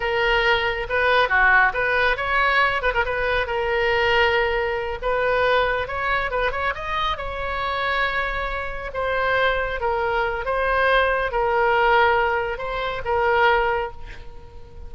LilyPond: \new Staff \with { instrumentName = "oboe" } { \time 4/4 \tempo 4 = 138 ais'2 b'4 fis'4 | b'4 cis''4. b'16 ais'16 b'4 | ais'2.~ ais'8 b'8~ | b'4. cis''4 b'8 cis''8 dis''8~ |
dis''8 cis''2.~ cis''8~ | cis''8 c''2 ais'4. | c''2 ais'2~ | ais'4 c''4 ais'2 | }